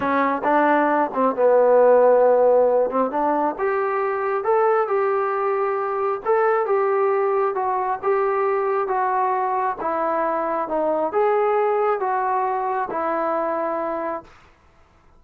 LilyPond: \new Staff \with { instrumentName = "trombone" } { \time 4/4 \tempo 4 = 135 cis'4 d'4. c'8 b4~ | b2~ b8 c'8 d'4 | g'2 a'4 g'4~ | g'2 a'4 g'4~ |
g'4 fis'4 g'2 | fis'2 e'2 | dis'4 gis'2 fis'4~ | fis'4 e'2. | }